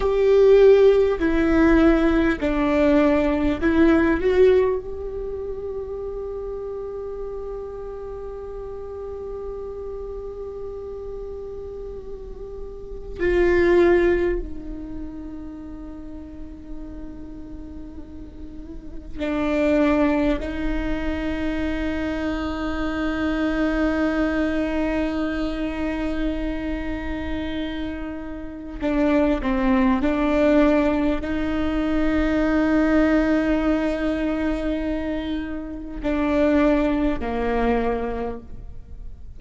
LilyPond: \new Staff \with { instrumentName = "viola" } { \time 4/4 \tempo 4 = 50 g'4 e'4 d'4 e'8 fis'8 | g'1~ | g'2. f'4 | dis'1 |
d'4 dis'2.~ | dis'1 | d'8 c'8 d'4 dis'2~ | dis'2 d'4 ais4 | }